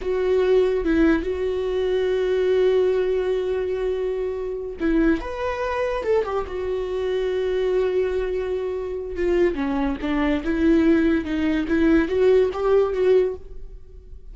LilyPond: \new Staff \with { instrumentName = "viola" } { \time 4/4 \tempo 4 = 144 fis'2 e'4 fis'4~ | fis'1~ | fis'2.~ fis'8 e'8~ | e'8 b'2 a'8 g'8 fis'8~ |
fis'1~ | fis'2 f'4 cis'4 | d'4 e'2 dis'4 | e'4 fis'4 g'4 fis'4 | }